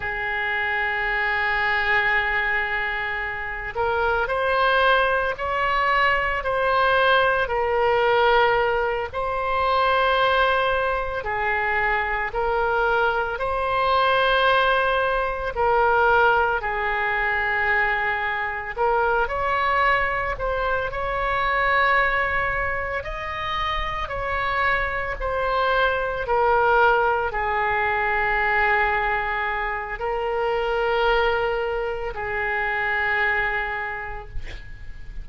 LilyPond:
\new Staff \with { instrumentName = "oboe" } { \time 4/4 \tempo 4 = 56 gis'2.~ gis'8 ais'8 | c''4 cis''4 c''4 ais'4~ | ais'8 c''2 gis'4 ais'8~ | ais'8 c''2 ais'4 gis'8~ |
gis'4. ais'8 cis''4 c''8 cis''8~ | cis''4. dis''4 cis''4 c''8~ | c''8 ais'4 gis'2~ gis'8 | ais'2 gis'2 | }